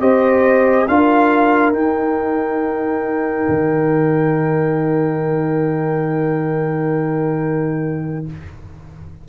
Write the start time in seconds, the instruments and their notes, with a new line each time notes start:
0.00 tuba C4, trombone G4, horn C5, trumpet D#5
0.88 tuba D4, trombone F4, horn A#4, trumpet F5
1.73 tuba D#4, trombone D#4, trumpet G5
3.48 tuba D#3